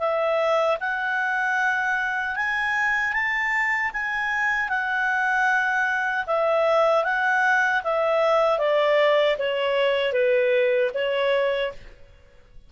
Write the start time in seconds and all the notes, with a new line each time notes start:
0.00 E5
0.81 F#5
2.36 G#5
3.13 A5
3.93 G#5
4.70 F#5
6.27 E5
7.05 F#5
7.84 E5
8.59 D5
9.39 C#5
10.13 B4
10.94 C#5